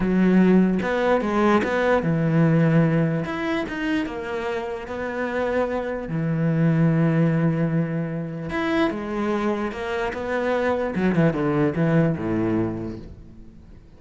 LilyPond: \new Staff \with { instrumentName = "cello" } { \time 4/4 \tempo 4 = 148 fis2 b4 gis4 | b4 e2. | e'4 dis'4 ais2 | b2. e4~ |
e1~ | e4 e'4 gis2 | ais4 b2 fis8 e8 | d4 e4 a,2 | }